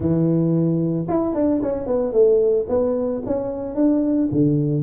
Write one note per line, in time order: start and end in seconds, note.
0.00 1.06 E3
1.08 1.34 E4
1.34 1.61 D4
1.62 1.86 C#4
1.86 2.12 B3
2.12 2.66 A3
2.68 3.22 B3
3.26 3.75 C#4
3.75 4.29 D4
4.31 4.82 D3